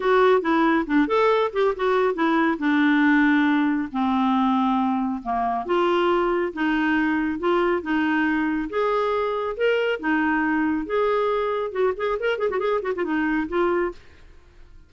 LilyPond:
\new Staff \with { instrumentName = "clarinet" } { \time 4/4 \tempo 4 = 138 fis'4 e'4 d'8 a'4 g'8 | fis'4 e'4 d'2~ | d'4 c'2. | ais4 f'2 dis'4~ |
dis'4 f'4 dis'2 | gis'2 ais'4 dis'4~ | dis'4 gis'2 fis'8 gis'8 | ais'8 gis'16 fis'16 gis'8 fis'16 f'16 dis'4 f'4 | }